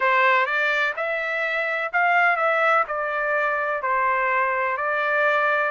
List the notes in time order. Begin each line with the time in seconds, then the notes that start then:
0.00 C5
0.45 D5
0.96 E5
1.93 F5
2.36 E5
2.87 D5
3.82 C5
4.77 D5